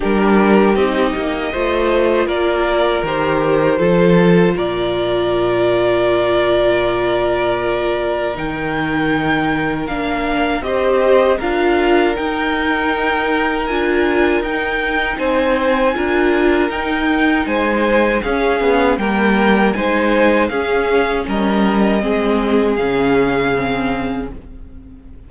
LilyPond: <<
  \new Staff \with { instrumentName = "violin" } { \time 4/4 \tempo 4 = 79 ais'4 dis''2 d''4 | c''2 d''2~ | d''2. g''4~ | g''4 f''4 dis''4 f''4 |
g''2 gis''4 g''4 | gis''2 g''4 gis''4 | f''4 g''4 gis''4 f''4 | dis''2 f''2 | }
  \new Staff \with { instrumentName = "violin" } { \time 4/4 g'2 c''4 ais'4~ | ais'4 a'4 ais'2~ | ais'1~ | ais'2 c''4 ais'4~ |
ais'1 | c''4 ais'2 c''4 | gis'4 ais'4 c''4 gis'4 | ais'4 gis'2. | }
  \new Staff \with { instrumentName = "viola" } { \time 4/4 d'4 dis'4 f'2 | g'4 f'2.~ | f'2. dis'4~ | dis'4 d'4 g'4 f'4 |
dis'2 f'4 dis'4~ | dis'4 f'4 dis'2 | cis'4 ais4 dis'4 cis'4~ | cis'4 c'4 cis'4 c'4 | }
  \new Staff \with { instrumentName = "cello" } { \time 4/4 g4 c'8 ais8 a4 ais4 | dis4 f4 ais,2~ | ais,2. dis4~ | dis4 ais4 c'4 d'4 |
dis'2 d'4 dis'4 | c'4 d'4 dis'4 gis4 | cis'8 b8 g4 gis4 cis'4 | g4 gis4 cis2 | }
>>